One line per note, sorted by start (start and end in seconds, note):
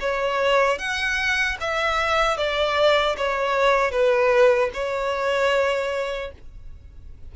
0.00 0.78 C#5
0.78 1.57 F#5
1.60 2.37 E5
2.37 3.16 D5
3.17 3.91 C#5
3.91 4.70 B4
4.74 6.32 C#5